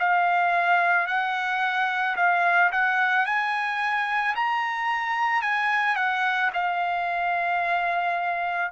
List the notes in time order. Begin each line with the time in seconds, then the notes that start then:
0.00 F5
1.07 F#5
2.17 F5
2.72 F#5
3.26 G#5
4.35 A#5
5.42 G#5
5.96 F#5
6.54 F5